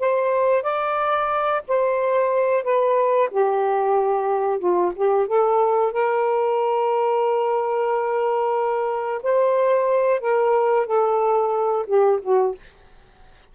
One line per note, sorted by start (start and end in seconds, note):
0.00 0.63 C5
0.63 1.62 D5
1.68 2.64 C5
2.64 3.30 B4
3.31 4.60 G4
4.60 4.93 F4
4.96 5.28 G4
5.28 5.93 A4
5.93 9.22 A#4
9.23 10.21 C5
10.21 10.87 A#4
10.87 11.86 A4
11.87 12.20 G4
12.22 12.55 F#4